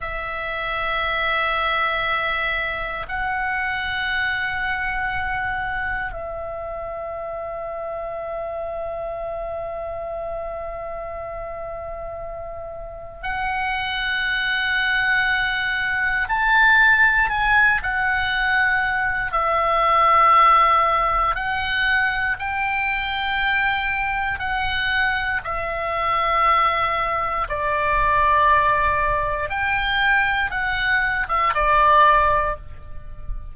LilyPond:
\new Staff \with { instrumentName = "oboe" } { \time 4/4 \tempo 4 = 59 e''2. fis''4~ | fis''2 e''2~ | e''1~ | e''4 fis''2. |
a''4 gis''8 fis''4. e''4~ | e''4 fis''4 g''2 | fis''4 e''2 d''4~ | d''4 g''4 fis''8. e''16 d''4 | }